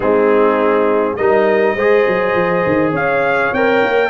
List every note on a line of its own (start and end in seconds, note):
0.00 1.17 G#3
0.00 1.17 C4
0.00 1.15 D#4
0.00 1.15 G#4
1.15 1.75 G3
1.15 1.77 D#4
1.15 1.75 A#4
1.15 2.92 D#5
1.75 2.05 G#3
1.75 3.55 G#4
1.75 2.92 C5
2.07 2.34 F#3
2.34 2.63 F3
2.66 2.92 D#3
2.92 3.50 C#4
2.92 4.09 C#5
2.92 3.54 F5
3.52 3.82 C4
3.52 4.09 A#4
3.52 4.09 G5
3.83 4.09 A#3